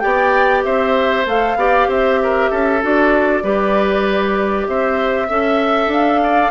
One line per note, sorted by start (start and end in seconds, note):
0.00 0.65 B3
0.00 1.25 G4
0.00 0.65 D5
0.00 0.62 G5
0.64 1.26 C4
0.64 1.58 C5
0.64 1.26 E5
1.26 1.56 A3
1.26 1.58 A4
1.26 1.91 F5
1.56 1.87 B3
1.56 2.82 G4
1.56 1.89 D5
1.88 2.50 C4
1.88 2.20 C5
1.88 2.84 E5
2.23 2.51 A#4
2.51 2.83 C#4
2.51 3.43 A4
2.82 3.44 D4
2.82 3.43 F#4
2.82 4.68 D5
3.43 4.67 G3
3.43 5.29 G4
3.43 4.68 B4
4.68 5.29 C4
4.68 5.28 C5
4.68 5.91 E5
5.28 5.87 C#4
5.28 6.52 A4
5.28 6.21 E5
5.87 6.49 D4
5.87 6.52 F5
6.24 6.52 D5